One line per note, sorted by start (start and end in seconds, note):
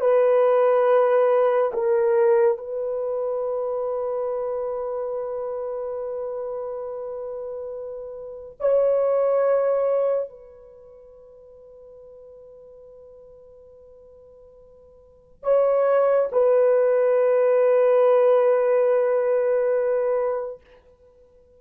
0.00 1.71 B4
1.73 2.57 A#4
2.57 8.57 B4
8.60 10.29 C#5
10.29 15.43 B4
15.43 16.29 C#5
16.32 20.60 B4